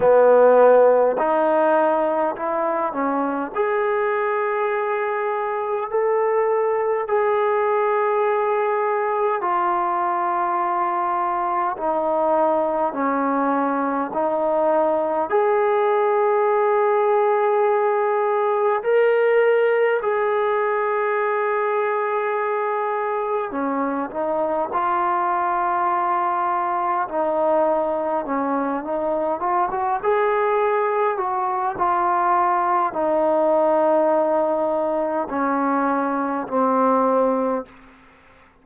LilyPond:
\new Staff \with { instrumentName = "trombone" } { \time 4/4 \tempo 4 = 51 b4 dis'4 e'8 cis'8 gis'4~ | gis'4 a'4 gis'2 | f'2 dis'4 cis'4 | dis'4 gis'2. |
ais'4 gis'2. | cis'8 dis'8 f'2 dis'4 | cis'8 dis'8 f'16 fis'16 gis'4 fis'8 f'4 | dis'2 cis'4 c'4 | }